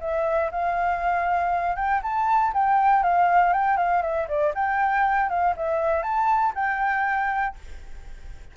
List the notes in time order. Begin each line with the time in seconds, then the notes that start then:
0.00 E5
0.51 F5
1.75 G5
2.02 A5
2.53 G5
3.03 F5
3.53 G5
3.77 F5
4.02 E5
4.28 D5
4.54 G5
5.29 F5
5.56 E5
6.02 A5
6.55 G5